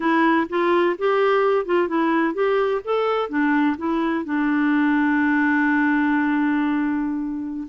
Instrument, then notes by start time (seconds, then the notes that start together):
clarinet
0.00 E4
0.49 F4
0.98 G4
1.65 F4
1.88 E4
2.34 G4
2.84 A4
3.29 D4
3.77 E4
4.25 D4